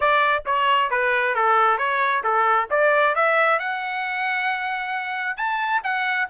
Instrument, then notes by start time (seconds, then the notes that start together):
trumpet
0.00 D5
0.45 C#5
0.90 B4
1.35 A4
1.78 C#5
2.23 A4
2.70 D5
3.15 E5
3.59 F#5
5.36 A5
5.83 F#5